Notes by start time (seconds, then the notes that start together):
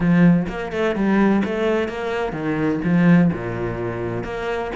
0.00 F3
0.49 A#3
0.72 A3
0.95 G3
1.44 A3
1.88 A#3
2.32 D#3
2.84 F3
3.32 A#2
4.23 A#3